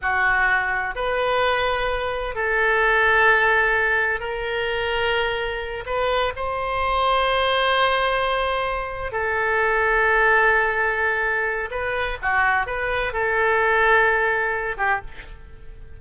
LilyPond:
\new Staff \with { instrumentName = "oboe" } { \time 4/4 \tempo 4 = 128 fis'2 b'2~ | b'4 a'2.~ | a'4 ais'2.~ | ais'8 b'4 c''2~ c''8~ |
c''2.~ c''8 a'8~ | a'1~ | a'4 b'4 fis'4 b'4 | a'2.~ a'8 g'8 | }